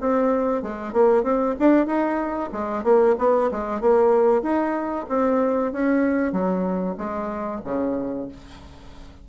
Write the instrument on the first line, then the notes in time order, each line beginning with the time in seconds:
bassoon
0.00 C4
0.62 G#3
0.93 A#3
1.23 C4
1.59 D4
1.86 D#4
2.52 G#3
2.83 A#3
3.18 B3
3.51 G#3
3.80 A#3
4.42 D#4
5.09 C4
5.72 C#4
6.32 F#3
6.97 G#3
7.64 C#3